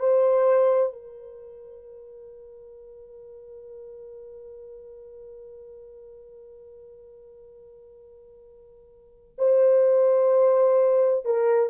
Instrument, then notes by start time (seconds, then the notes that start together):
horn
0.00 C5
0.93 A#4
9.38 C5
11.25 A#4